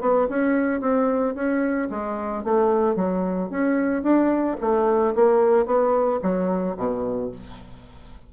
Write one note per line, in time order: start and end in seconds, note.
0.00 0.27 B3
0.29 0.80 C#4
0.80 1.34 C4
1.34 1.88 C#4
1.90 2.44 G#3
2.44 2.95 A3
2.95 3.49 F#3
3.50 4.02 C#4
4.02 4.56 D4
4.60 5.14 A3
5.15 5.65 A#3
5.65 6.19 B3
6.22 6.76 F#3
6.77 7.31 B2